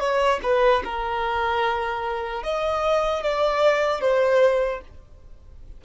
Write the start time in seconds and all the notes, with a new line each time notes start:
0.00 C#5
0.43 B4
0.85 A#4
2.44 D#5
3.23 D5
4.01 C5